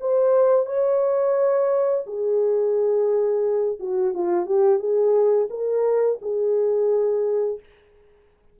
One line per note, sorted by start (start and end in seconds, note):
0.00 0.66 C5
0.66 2.04 C#5
2.06 3.79 G#4
3.79 4.14 F#4
4.14 4.45 F4
4.45 4.79 G4
4.79 5.48 G#4
5.50 6.18 A#4
6.21 7.59 G#4